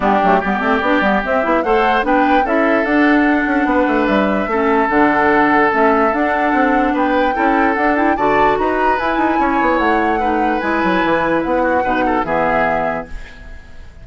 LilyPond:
<<
  \new Staff \with { instrumentName = "flute" } { \time 4/4 \tempo 4 = 147 g'4 d''2 e''4 | fis''4 g''4 e''4 fis''4~ | fis''2 e''2 | fis''2 e''4 fis''4~ |
fis''4 g''2 fis''8 g''8 | a''4 ais''4 gis''2 | fis''2 gis''2 | fis''2 e''2 | }
  \new Staff \with { instrumentName = "oboe" } { \time 4/4 d'4 g'2. | c''4 b'4 a'2~ | a'4 b'2 a'4~ | a'1~ |
a'4 b'4 a'2 | d''4 b'2 cis''4~ | cis''4 b'2.~ | b'8 fis'8 b'8 a'8 gis'2 | }
  \new Staff \with { instrumentName = "clarinet" } { \time 4/4 b8 a8 b8 c'8 d'8 b8 c'8 e'8 | a'4 d'4 e'4 d'4~ | d'2. cis'4 | d'2 cis'4 d'4~ |
d'2 e'4 d'8 e'8 | fis'2 e'2~ | e'4 dis'4 e'2~ | e'4 dis'4 b2 | }
  \new Staff \with { instrumentName = "bassoon" } { \time 4/4 g8 fis8 g8 a8 b8 g8 c'8 b8 | a4 b4 cis'4 d'4~ | d'8 cis'8 b8 a8 g4 a4 | d2 a4 d'4 |
c'4 b4 cis'4 d'4 | d4 dis'4 e'8 dis'8 cis'8 b8 | a2 gis8 fis8 e4 | b4 b,4 e2 | }
>>